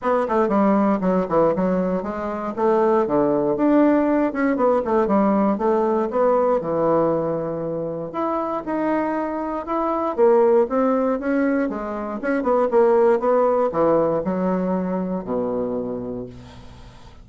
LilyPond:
\new Staff \with { instrumentName = "bassoon" } { \time 4/4 \tempo 4 = 118 b8 a8 g4 fis8 e8 fis4 | gis4 a4 d4 d'4~ | d'8 cis'8 b8 a8 g4 a4 | b4 e2. |
e'4 dis'2 e'4 | ais4 c'4 cis'4 gis4 | cis'8 b8 ais4 b4 e4 | fis2 b,2 | }